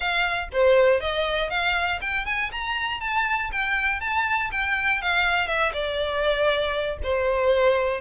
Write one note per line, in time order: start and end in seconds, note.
0.00 0.48 F5
0.52 1.00 C5
1.00 1.50 D#5
1.50 2.00 F5
2.01 2.25 G5
2.25 2.50 G#5
2.51 3.00 A#5
3.00 3.50 A5
3.52 4.00 G5
4.00 4.50 A5
4.51 5.01 G5
5.01 5.47 F5
5.47 5.72 E5
5.73 6.98 D5
7.03 8.00 C5